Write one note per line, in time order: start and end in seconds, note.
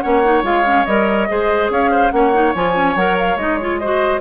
0.00 0.43 A#3
0.00 0.22 C#4
0.00 1.28 C#5
0.00 0.42 F#5
0.23 0.43 D#4
0.43 0.85 G#3
0.43 0.64 F4
0.43 0.85 F5
0.64 0.85 C#4
0.85 1.28 G3
0.85 1.28 A#4
0.85 1.69 D#5
1.28 1.69 G#3
1.28 2.11 G#4
1.28 1.71 C5
1.69 2.11 C#4
1.69 1.90 C#5
1.69 2.11 F5
1.90 2.11 C5
2.11 2.54 A#3
2.11 2.32 C#4
2.11 3.80 C#5
2.11 2.53 F#5
2.32 2.53 D#4
2.54 2.95 F3
2.54 2.74 F4
2.54 2.96 G#5
2.74 2.95 C#4
2.95 3.35 F#3
2.95 3.38 A#4
2.95 3.17 F#5
3.18 3.37 F5
3.35 4.19 G#3
3.35 3.59 D#4
3.35 3.57 D#5
3.57 3.81 F4
3.57 3.78 C#5
3.78 4.20 F#4
3.78 4.20 C5
3.78 4.20 D#5